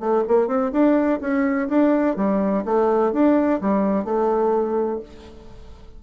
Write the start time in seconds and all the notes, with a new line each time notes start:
0.00 A3
0.28 A#3
0.48 C4
0.73 D4
1.21 C#4
1.69 D4
2.16 G3
2.65 A3
3.13 D4
3.61 G3
4.05 A3